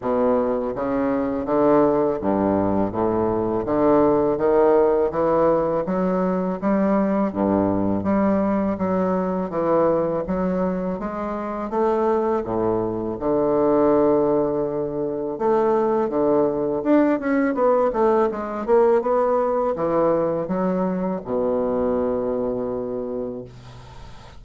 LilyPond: \new Staff \with { instrumentName = "bassoon" } { \time 4/4 \tempo 4 = 82 b,4 cis4 d4 g,4 | a,4 d4 dis4 e4 | fis4 g4 g,4 g4 | fis4 e4 fis4 gis4 |
a4 a,4 d2~ | d4 a4 d4 d'8 cis'8 | b8 a8 gis8 ais8 b4 e4 | fis4 b,2. | }